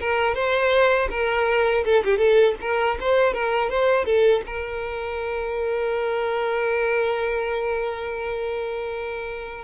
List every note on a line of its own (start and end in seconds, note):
0.00 0.34 A#4
0.34 1.08 C5
1.10 1.84 A#4
1.85 2.03 A4
2.04 2.17 G4
2.17 2.54 A4
2.61 2.98 A#4
3.00 3.33 C5
3.33 3.70 A#4
3.70 4.05 C5
4.05 4.42 A4
4.46 9.64 A#4